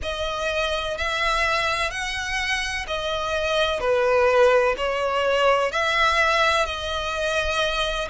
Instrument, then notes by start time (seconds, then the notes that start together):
violin
0.02 D#5
0.97 E5
1.90 F#5
2.87 D#5
3.80 B4
4.77 C#5
5.71 E5
6.65 D#5